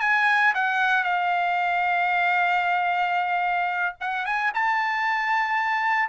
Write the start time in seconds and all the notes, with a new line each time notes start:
0.00 G#5
0.54 F#5
1.03 F5
4.00 F#5
4.25 G#5
4.54 A5